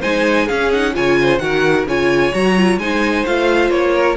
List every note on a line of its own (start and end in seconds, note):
0.00 0.50 G#3
0.00 0.49 D#4
0.00 0.45 C5
0.00 0.47 G#5
0.45 0.72 C#4
0.45 0.96 C#4
0.45 0.91 G#4
0.45 0.71 F5
0.72 0.93 D#4
0.72 0.95 F#5
0.93 1.38 C#3
0.93 1.39 F4
0.93 1.19 C#5
0.93 1.38 G#5
1.21 1.42 C5
1.38 1.85 D#3
1.38 1.85 F#4
1.38 1.88 A#4
1.38 1.84 F#5
1.85 2.31 C#3
1.85 2.32 F4
1.85 2.80 C#5
1.85 2.34 G#5
2.32 2.77 F#3
2.32 2.55 F#4
2.32 2.79 A#5
2.57 2.80 F4
2.77 3.23 G#3
2.77 3.26 D#4
2.77 3.94 C5
2.77 3.25 G#5
3.26 3.70 A3
3.26 4.17 F4
3.26 3.70 F5
3.70 4.16 A#3
3.70 4.16 C#5
3.94 4.17 A#4